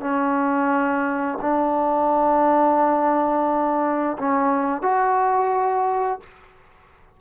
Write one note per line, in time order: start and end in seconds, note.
0.00 1.38 C#4
1.41 4.17 D4
4.18 4.82 C#4
4.82 6.19 F#4